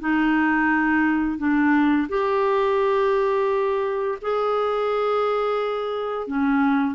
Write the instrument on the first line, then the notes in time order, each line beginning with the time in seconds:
clarinet
0.00 D#4
1.38 D4
2.09 G4
4.22 G#4
6.28 C#4